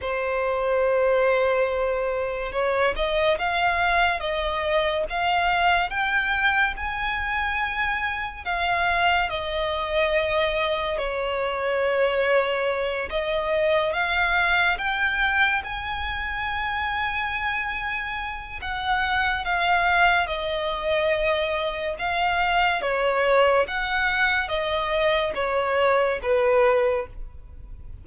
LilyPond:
\new Staff \with { instrumentName = "violin" } { \time 4/4 \tempo 4 = 71 c''2. cis''8 dis''8 | f''4 dis''4 f''4 g''4 | gis''2 f''4 dis''4~ | dis''4 cis''2~ cis''8 dis''8~ |
dis''8 f''4 g''4 gis''4.~ | gis''2 fis''4 f''4 | dis''2 f''4 cis''4 | fis''4 dis''4 cis''4 b'4 | }